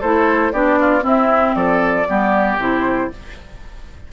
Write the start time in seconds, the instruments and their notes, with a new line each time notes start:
0.00 bassoon A3, clarinet E4, oboe A4, flute C5
0.52 bassoon B3, clarinet D4, oboe G4, flute D5
0.79 oboe F4
1.01 clarinet C4, bassoon C4, oboe E4, flute E5
1.55 bassoon F3, oboe A4, flute D5
2.07 bassoon G3, clarinet B3, oboe G4
2.57 bassoon C3, clarinet E4, flute C5